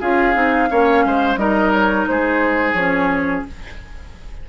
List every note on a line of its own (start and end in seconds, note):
0.00 0.35 C#4
0.00 0.34 F4
0.00 0.69 G#4
0.00 1.37 F5
0.34 0.70 C4
0.34 0.68 D#4
0.69 1.05 A#3
0.69 1.38 C#4
0.69 1.05 C#5
1.05 1.36 G#3
1.05 1.40 C5
1.36 2.05 G3
1.36 2.76 D#4
1.36 2.09 A#4
1.36 1.71 D#5
1.72 2.07 C#5
2.07 2.74 G#3
2.07 3.49 G#4
2.07 2.73 C5
2.73 3.43 F3
2.73 3.47 C#4
2.73 3.42 C#5